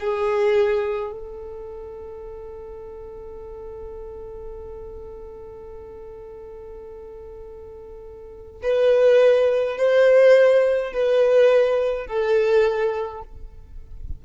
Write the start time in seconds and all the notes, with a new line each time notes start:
0.00 G#4
1.12 A4
8.63 B4
9.78 C5
10.93 B4
12.07 A4